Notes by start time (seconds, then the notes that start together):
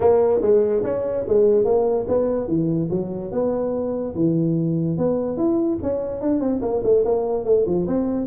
0.00 A#3
0.41 G#3
0.83 C#4
1.28 G#3
1.65 A#3
2.08 B3
2.47 E3
2.90 F#3
3.31 B3
4.15 E3
4.97 B3
5.37 E4
5.82 C#4
6.21 D4
6.39 C4
6.61 A#3
6.83 A3
7.04 A#3
7.44 A3
7.66 F3
7.87 C4